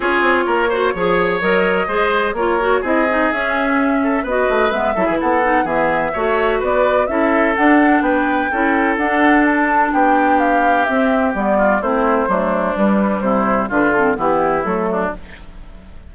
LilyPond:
<<
  \new Staff \with { instrumentName = "flute" } { \time 4/4 \tempo 4 = 127 cis''2. dis''4~ | dis''4 cis''4 dis''4 e''4~ | e''4 dis''4 e''4 fis''4 | e''2 d''4 e''4 |
fis''4 g''2 fis''4 | a''4 g''4 f''4 e''4 | d''4 c''2 b'4 | c''4 b'8 a'8 g'4 a'4 | }
  \new Staff \with { instrumentName = "oboe" } { \time 4/4 gis'4 ais'8 c''8 cis''2 | c''4 ais'4 gis'2~ | gis'8 a'8 b'4. a'16 gis'16 a'4 | gis'4 cis''4 b'4 a'4~ |
a'4 b'4 a'2~ | a'4 g'2.~ | g'8 f'8 e'4 d'2 | e'4 f'4 e'4. d'8 | }
  \new Staff \with { instrumentName = "clarinet" } { \time 4/4 f'4. fis'8 gis'4 ais'4 | gis'4 f'8 fis'8 e'8 dis'8 cis'4~ | cis'4 fis'4 b8 e'4 dis'8 | b4 fis'2 e'4 |
d'2 e'4 d'4~ | d'2. c'4 | b4 c'4 a4 g4~ | g4 d'8 c'8 b4 a4 | }
  \new Staff \with { instrumentName = "bassoon" } { \time 4/4 cis'8 c'8 ais4 f4 fis4 | gis4 ais4 c'4 cis'4~ | cis'4 b8 a8 gis8 fis16 e16 b4 | e4 a4 b4 cis'4 |
d'4 b4 cis'4 d'4~ | d'4 b2 c'4 | g4 a4 fis4 g4 | c4 d4 e4 fis4 | }
>>